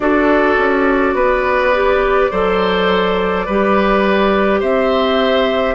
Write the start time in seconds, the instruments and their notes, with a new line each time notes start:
0.00 bassoon D4, clarinet F#4, oboe A4, flute D5
0.57 bassoon C#4
1.14 bassoon B3, oboe B4
1.74 clarinet G4
2.31 bassoon F#3, clarinet A4, oboe C5
3.46 bassoon G3, clarinet G4, oboe B4
4.60 bassoon C4, oboe C5, flute E5